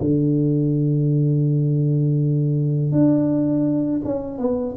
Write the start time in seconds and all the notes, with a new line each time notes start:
0.00 D3
2.91 D4
4.04 C#4
4.38 B3